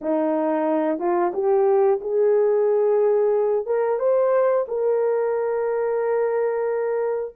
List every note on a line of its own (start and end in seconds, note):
0.01 0.98 D#4
0.98 1.32 F4
1.33 2.00 G4
2.01 3.65 G#4
3.65 3.99 A#4
3.99 4.65 C5
4.68 7.34 A#4